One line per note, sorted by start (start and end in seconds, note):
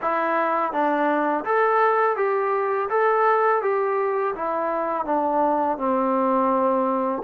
0.01 0.72 E4
0.72 1.44 D4
1.45 2.16 A4
2.16 2.88 G4
2.89 3.61 A4
3.62 4.34 G4
4.35 5.05 E4
5.05 5.77 D4
5.77 7.22 C4